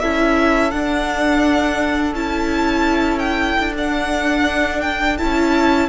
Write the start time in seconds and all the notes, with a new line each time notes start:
0.00 C#4 E4 A4 E5
0.72 D4 F#5
2.14 C#4 E4 A5
3.19 G5
3.59 D4
3.76 D4 F#5
4.82 G5
5.18 C#4 E4 A5